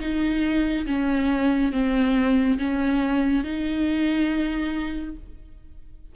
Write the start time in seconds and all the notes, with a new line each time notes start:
0.00 D#4
0.86 C#4
1.72 C4
2.58 C#4
3.44 D#4